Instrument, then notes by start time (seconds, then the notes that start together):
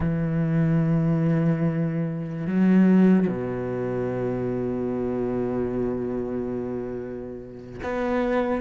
cello
0.00 E3
2.46 F#3
3.27 B2
7.83 B3